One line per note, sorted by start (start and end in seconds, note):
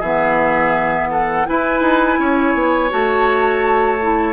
0.00 1.46 E3
0.00 1.46 B3
0.00 1.08 G#4
0.00 1.10 E5
1.10 1.47 A4
1.10 1.46 F#5
1.46 2.90 E4
1.46 1.81 E4
1.46 2.20 B4
1.46 2.91 G#5
1.81 2.17 D#4
2.19 2.55 C#4
2.19 4.33 C#5
2.55 2.91 B3
2.90 4.33 A3
2.90 3.98 F#4
2.90 4.33 A5
4.02 4.33 E4